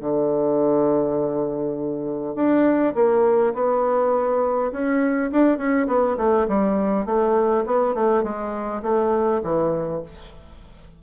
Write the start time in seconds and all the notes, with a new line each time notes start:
0.00 D3
2.35 D4
2.95 A#3
3.53 B3
4.72 C#4
5.31 D4
5.57 C#4
5.87 B3
6.17 A3
6.48 G3
7.05 A3
7.66 B3
7.94 A3
8.23 G#3
8.82 A3
9.43 E3